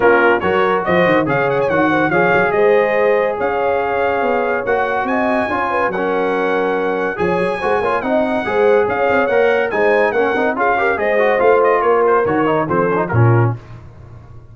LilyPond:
<<
  \new Staff \with { instrumentName = "trumpet" } { \time 4/4 \tempo 4 = 142 ais'4 cis''4 dis''4 f''8 fis''16 gis''16 | fis''4 f''4 dis''2 | f''2. fis''4 | gis''2 fis''2~ |
fis''4 gis''2 fis''4~ | fis''4 f''4 fis''4 gis''4 | fis''4 f''4 dis''4 f''8 dis''8 | cis''8 c''8 cis''4 c''4 ais'4 | }
  \new Staff \with { instrumentName = "horn" } { \time 4/4 f'4 ais'4 c''4 cis''4~ | cis''8 c''8 cis''4 c''2 | cis''1 | dis''4 cis''8 b'8 ais'2~ |
ais'4 cis''4 c''8 cis''8 dis''4 | c''4 cis''2 c''4 | ais'4 gis'8 ais'8 c''2 | ais'2 a'4 f'4 | }
  \new Staff \with { instrumentName = "trombone" } { \time 4/4 cis'4 fis'2 gis'4 | fis'4 gis'2.~ | gis'2. fis'4~ | fis'4 f'4 cis'2~ |
cis'4 gis'4 fis'8 f'8 dis'4 | gis'2 ais'4 dis'4 | cis'8 dis'8 f'8 g'8 gis'8 fis'8 f'4~ | f'4 fis'8 dis'8 c'8 cis'16 dis'16 cis'4 | }
  \new Staff \with { instrumentName = "tuba" } { \time 4/4 ais4 fis4 f8 dis8 cis4 | dis4 f8 fis8 gis2 | cis'2 b4 ais4 | c'4 cis'4 fis2~ |
fis4 f8 fis8 gis8 ais8 c'4 | gis4 cis'8 c'8 ais4 gis4 | ais8 c'8 cis'4 gis4 a4 | ais4 dis4 f4 ais,4 | }
>>